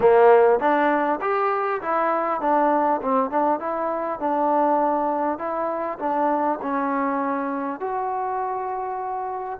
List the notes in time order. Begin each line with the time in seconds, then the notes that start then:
0.00 A#3
0.59 D4
1.21 G4
1.81 E4
2.40 D4
3.02 C4
3.30 D4
3.59 E4
4.19 D4
5.38 E4
5.99 D4
6.62 C#4
7.79 F#4